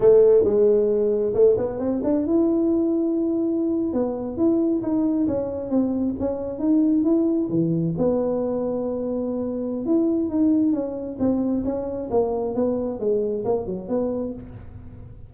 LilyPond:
\new Staff \with { instrumentName = "tuba" } { \time 4/4 \tempo 4 = 134 a4 gis2 a8 b8 | c'8 d'8 e'2.~ | e'8. b4 e'4 dis'4 cis'16~ | cis'8. c'4 cis'4 dis'4 e'16~ |
e'8. e4 b2~ b16~ | b2 e'4 dis'4 | cis'4 c'4 cis'4 ais4 | b4 gis4 ais8 fis8 b4 | }